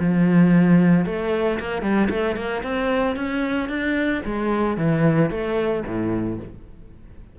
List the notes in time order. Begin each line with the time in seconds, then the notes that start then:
0.00 F3
1.06 A3
1.60 A#3
1.82 G3
2.10 A3
2.36 A#3
2.64 C4
3.16 C#4
3.69 D4
4.25 G#3
4.77 E3
5.30 A3
5.86 A2